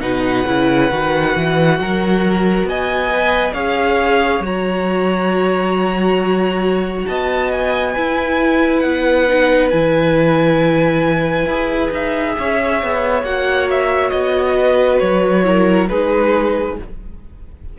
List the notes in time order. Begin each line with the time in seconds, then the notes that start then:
0.00 B2 D#4 B4 F#5
0.47 C#3 E4
0.91 D#3 F#4
1.35 E3
1.79 F#3 A#4
2.64 B3 D#5 G#5
3.13 B4
3.53 C#4 G#4 C#5 F5
4.40 F#3 F#4 A#5
7.07 B3 D#5 A5
7.52 G#5
7.94 E4 B4
8.80 B3 F#5
9.28 D#4
9.70 E3 E4 G#5
11.46 E4 G#4
11.91 D#4 E5
12.38 C#4 C#5
12.83 B3
13.23 A#3 F#4 F#5
13.70 E5
14.10 B3 D#5
14.56 B4
14.99 F#3 C#5
15.44 E4 A#4
15.89 G#3 D#4 G#4 B4